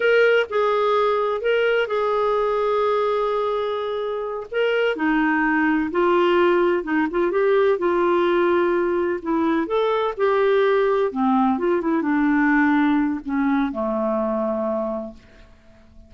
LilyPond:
\new Staff \with { instrumentName = "clarinet" } { \time 4/4 \tempo 4 = 127 ais'4 gis'2 ais'4 | gis'1~ | gis'4. ais'4 dis'4.~ | dis'8 f'2 dis'8 f'8 g'8~ |
g'8 f'2. e'8~ | e'8 a'4 g'2 c'8~ | c'8 f'8 e'8 d'2~ d'8 | cis'4 a2. | }